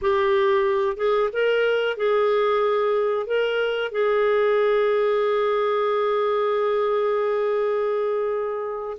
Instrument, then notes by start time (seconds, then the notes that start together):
clarinet
0.01 G4
0.96 G#4
1.32 A#4
1.96 G#4
3.26 A#4
3.91 G#4